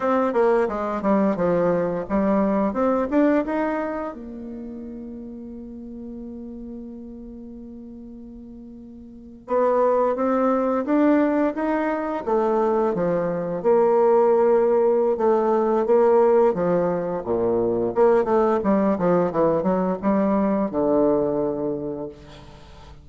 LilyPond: \new Staff \with { instrumentName = "bassoon" } { \time 4/4 \tempo 4 = 87 c'8 ais8 gis8 g8 f4 g4 | c'8 d'8 dis'4 ais2~ | ais1~ | ais4.~ ais16 b4 c'4 d'16~ |
d'8. dis'4 a4 f4 ais16~ | ais2 a4 ais4 | f4 ais,4 ais8 a8 g8 f8 | e8 fis8 g4 d2 | }